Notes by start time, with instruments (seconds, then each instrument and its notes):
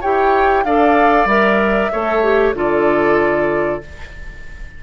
0.00 bassoon E4, clarinet G4, oboe C#5, flute G5
0.64 bassoon D4, clarinet A4, oboe D5, flute F5
1.25 bassoon G3, clarinet A#4, flute E5
1.91 bassoon A3, clarinet A4, oboe C#5
2.22 clarinet G4
2.53 bassoon D3, clarinet F4, oboe A4, flute D5